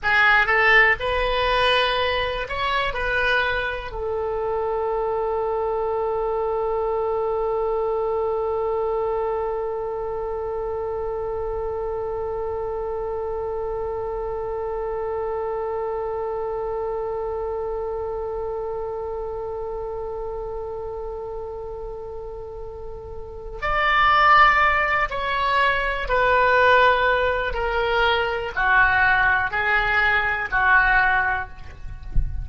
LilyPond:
\new Staff \with { instrumentName = "oboe" } { \time 4/4 \tempo 4 = 61 gis'8 a'8 b'4. cis''8 b'4 | a'1~ | a'1~ | a'1~ |
a'1~ | a'1 | d''4. cis''4 b'4. | ais'4 fis'4 gis'4 fis'4 | }